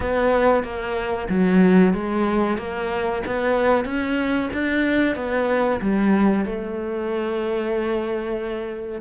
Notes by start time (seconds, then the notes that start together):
0.00 B3
0.63 A#3
1.29 F#3
1.93 G#3
2.57 A#3
3.26 B3
3.84 C#4
4.53 D4
5.15 B3
5.81 G3
6.45 A3